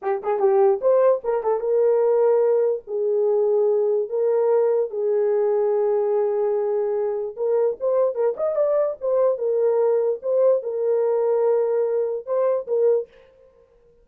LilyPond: \new Staff \with { instrumentName = "horn" } { \time 4/4 \tempo 4 = 147 g'8 gis'8 g'4 c''4 ais'8 a'8 | ais'2. gis'4~ | gis'2 ais'2 | gis'1~ |
gis'2 ais'4 c''4 | ais'8 dis''8 d''4 c''4 ais'4~ | ais'4 c''4 ais'2~ | ais'2 c''4 ais'4 | }